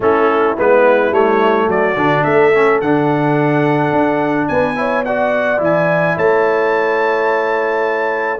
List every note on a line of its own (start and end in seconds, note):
0.00 0.55 A3
0.00 0.57 C#4
0.00 1.66 E4
0.00 0.58 A4
0.57 1.11 G#3
0.57 1.11 B3
0.57 1.13 B4
1.11 1.67 G3
1.11 1.95 A3
1.11 1.69 C#5
1.66 1.95 F#3
1.66 2.22 F#4
1.66 2.23 D5
1.96 2.24 D3
1.96 2.52 D4
2.23 2.80 A3
2.23 4.48 A4
2.23 2.79 E5
2.55 2.83 C#4
2.80 3.92 D3
2.80 4.75 D4
2.80 4.47 F#5
3.92 4.48 D4
4.47 5.59 B3
4.47 4.78 B4
4.47 5.04 G#5
4.75 5.03 E4
4.75 5.06 C#5
5.04 5.57 F#4
5.04 6.17 D5
5.04 5.61 F#5
5.57 6.15 E3
5.57 8.38 E4
5.57 6.18 G#5
6.17 8.40 A3
6.17 8.40 C#5
6.17 8.40 A5